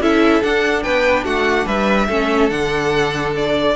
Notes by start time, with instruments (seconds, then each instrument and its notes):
0.00 cello C#4, viola E4, violin A4 E5
0.42 viola D4, cello D4, violin F#5
0.83 cello B3, violin B4 G5
1.24 cello A3, violin F#4 F#5
1.65 cello G3, violin B4 E5
2.08 cello A3, viola C#4, violin A4
2.49 cello D3, viola D4, violin F#5
3.36 violin D5